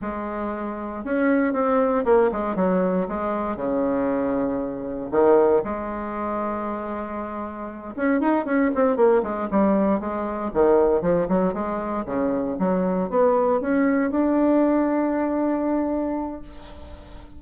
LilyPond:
\new Staff \with { instrumentName = "bassoon" } { \time 4/4 \tempo 4 = 117 gis2 cis'4 c'4 | ais8 gis8 fis4 gis4 cis4~ | cis2 dis4 gis4~ | gis2.~ gis8 cis'8 |
dis'8 cis'8 c'8 ais8 gis8 g4 gis8~ | gis8 dis4 f8 fis8 gis4 cis8~ | cis8 fis4 b4 cis'4 d'8~ | d'1 | }